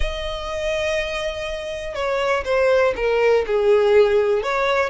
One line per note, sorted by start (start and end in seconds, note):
0.00 1.94 D#5
1.94 2.44 C#5
2.45 2.94 C5
2.96 3.45 A#4
3.46 4.42 G#4
4.42 4.89 C#5